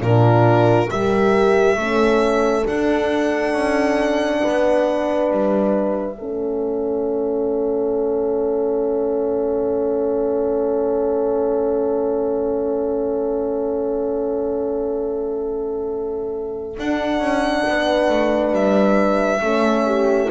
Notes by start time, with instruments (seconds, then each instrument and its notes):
0.00 double bass A#2, horn D4 F4, violin A#4
0.90 double bass G3, horn G4 A#4, violin E5
1.76 double bass A3, horn C#4 A4
2.63 horn D4, violin F#5
2.70 double bass D4
3.53 double bass C#4
4.42 double bass B3, horn B4
5.32 double bass G3, violin E5
6.18 double bass A3, horn C#4 A4
16.77 horn D4, double bass D4, violin F#5
17.20 double bass C#4
17.68 double bass B3, horn B4
18.09 double bass A3
18.52 double bass G3, violin E5
19.41 double bass A3, horn C#4 A4
19.86 horn G4